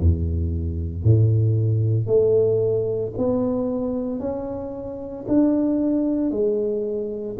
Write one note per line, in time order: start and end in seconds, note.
0.00 1.04 E2
1.04 2.07 A2
2.07 3.12 A3
3.17 4.20 B3
4.20 5.25 C#4
5.28 6.31 D4
6.31 7.36 G#3